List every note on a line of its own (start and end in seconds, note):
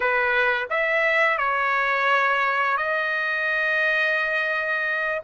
0.00 0.67 B4
0.70 1.38 E5
1.38 2.77 C#5
2.77 5.21 D#5